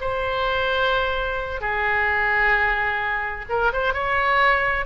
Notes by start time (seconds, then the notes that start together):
0.00 C5
1.60 G#4
3.49 A#4
3.72 C5
3.93 C#5